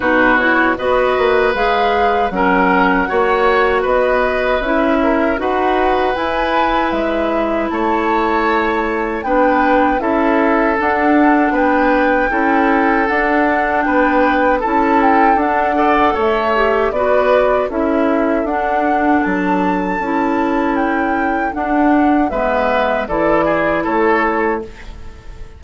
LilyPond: <<
  \new Staff \with { instrumentName = "flute" } { \time 4/4 \tempo 4 = 78 b'8 cis''8 dis''4 f''4 fis''4~ | fis''4 dis''4 e''4 fis''4 | gis''4 e''4 a''2 | g''4 e''4 fis''4 g''4~ |
g''4 fis''4 g''4 a''8 g''8 | fis''4 e''4 d''4 e''4 | fis''4 a''2 g''4 | fis''4 e''4 d''4 cis''4 | }
  \new Staff \with { instrumentName = "oboe" } { \time 4/4 fis'4 b'2 ais'4 | cis''4 b'4. ais'8 b'4~ | b'2 cis''2 | b'4 a'2 b'4 |
a'2 b'4 a'4~ | a'8 d''8 cis''4 b'4 a'4~ | a'1~ | a'4 b'4 a'8 gis'8 a'4 | }
  \new Staff \with { instrumentName = "clarinet" } { \time 4/4 dis'8 e'8 fis'4 gis'4 cis'4 | fis'2 e'4 fis'4 | e'1 | d'4 e'4 d'2 |
e'4 d'2 e'4 | d'8 a'4 g'8 fis'4 e'4 | d'2 e'2 | d'4 b4 e'2 | }
  \new Staff \with { instrumentName = "bassoon" } { \time 4/4 b,4 b8 ais8 gis4 fis4 | ais4 b4 cis'4 dis'4 | e'4 gis4 a2 | b4 cis'4 d'4 b4 |
cis'4 d'4 b4 cis'4 | d'4 a4 b4 cis'4 | d'4 fis4 cis'2 | d'4 gis4 e4 a4 | }
>>